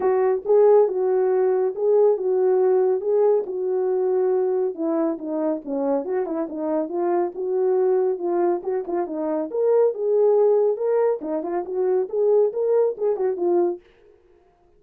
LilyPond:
\new Staff \with { instrumentName = "horn" } { \time 4/4 \tempo 4 = 139 fis'4 gis'4 fis'2 | gis'4 fis'2 gis'4 | fis'2. e'4 | dis'4 cis'4 fis'8 e'8 dis'4 |
f'4 fis'2 f'4 | fis'8 f'8 dis'4 ais'4 gis'4~ | gis'4 ais'4 dis'8 f'8 fis'4 | gis'4 ais'4 gis'8 fis'8 f'4 | }